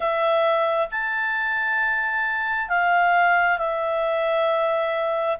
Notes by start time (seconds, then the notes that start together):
0.00 E5
0.91 A5
2.68 F5
3.58 E5